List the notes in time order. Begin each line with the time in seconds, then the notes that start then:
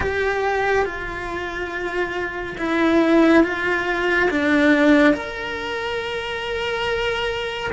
0.00 G4
0.85 F4
2.58 E4
3.43 F4
4.30 D4
5.13 A#4